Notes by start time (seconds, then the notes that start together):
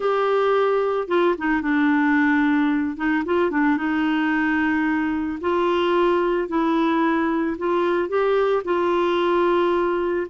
0.00 G4
1.08 F4
1.38 D#4
1.61 D4
2.96 D#4
3.25 F4
3.50 D4
3.77 D#4
5.41 F4
6.48 E4
7.58 F4
8.08 G4
8.64 F4